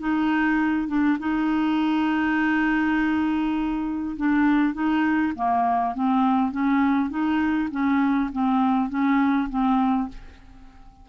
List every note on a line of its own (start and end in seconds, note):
0.00 0.88 D#4
0.88 1.18 D4
1.19 4.16 D#4
4.17 4.74 D4
4.74 5.34 D#4
5.36 5.95 A#3
5.95 6.52 C4
6.52 7.10 C#4
7.10 7.70 D#4
7.71 8.31 C#4
8.33 8.90 C4
8.90 9.49 C#4
9.50 10.09 C4